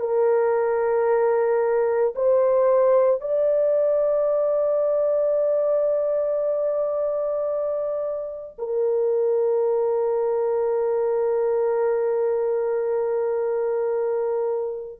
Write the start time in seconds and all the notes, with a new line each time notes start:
0.00 A#4
2.15 C5
3.20 D5
8.58 A#4